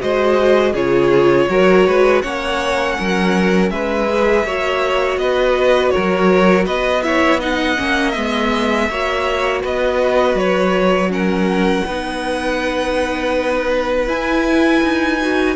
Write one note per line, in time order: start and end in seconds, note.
0.00 0.74 G#3
0.00 0.74 F#4
0.00 0.72 C5
0.00 0.75 D#5
0.72 1.48 C#3
0.72 1.49 F4
0.72 1.46 G#4
0.72 2.22 C#5
1.49 1.86 F#3
1.49 2.23 F#4
1.49 1.87 A#4
1.87 2.24 G#3
1.87 2.23 B4
2.22 2.98 A#3
2.22 4.08 C#4
2.22 2.97 C#5
2.22 3.70 F#5
2.98 3.71 F#3
2.98 3.72 A#4
3.70 4.44 G#3
3.70 4.46 B4
3.70 5.18 E5
4.10 4.47 G#4
4.44 5.17 A#3
4.44 7.03 F#4
4.44 5.19 C#5
5.17 5.91 B3
5.17 5.93 B4
5.17 5.90 D#5
5.90 6.65 A#4
5.90 6.64 C#5
5.97 6.67 F#3
6.65 7.78 B3
6.65 7.02 B4
6.65 7.02 D#5
7.02 7.40 E4
7.02 7.40 C#5
7.02 7.40 E5
7.40 7.77 D#4
7.40 8.88 D#5
7.40 8.12 F#5
7.77 8.16 A#3
7.77 8.14 C#4
8.12 8.89 G#3
8.12 8.89 B3
8.12 9.60 E5
8.89 9.63 A#3
8.89 11.09 F#4
8.89 9.62 C#5
9.62 10.34 B3
9.62 11.10 B4
9.62 10.37 D#5
10.34 11.83 F#3
10.34 11.12 C#5
11.09 11.83 C#4
11.09 11.85 A#4
11.09 14.08 F#5
11.85 14.08 B3
11.85 14.07 D#4
11.85 15.56 B4
14.07 15.18 E4
14.07 14.82 E4
14.07 15.56 G#5
14.83 15.56 D#4
15.21 15.56 F#4